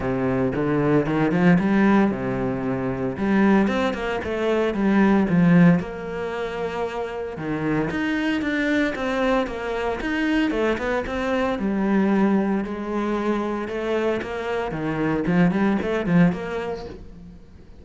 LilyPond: \new Staff \with { instrumentName = "cello" } { \time 4/4 \tempo 4 = 114 c4 d4 dis8 f8 g4 | c2 g4 c'8 ais8 | a4 g4 f4 ais4~ | ais2 dis4 dis'4 |
d'4 c'4 ais4 dis'4 | a8 b8 c'4 g2 | gis2 a4 ais4 | dis4 f8 g8 a8 f8 ais4 | }